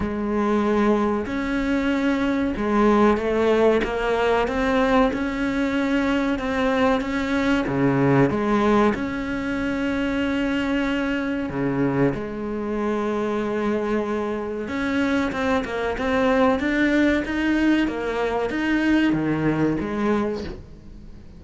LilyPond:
\new Staff \with { instrumentName = "cello" } { \time 4/4 \tempo 4 = 94 gis2 cis'2 | gis4 a4 ais4 c'4 | cis'2 c'4 cis'4 | cis4 gis4 cis'2~ |
cis'2 cis4 gis4~ | gis2. cis'4 | c'8 ais8 c'4 d'4 dis'4 | ais4 dis'4 dis4 gis4 | }